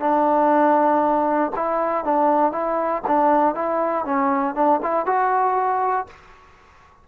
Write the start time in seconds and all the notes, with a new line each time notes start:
0.00 D4
1.55 E4
2.04 D4
2.52 E4
3.07 D4
3.55 E4
4.05 C#4
4.55 D4
4.82 E4
5.06 F#4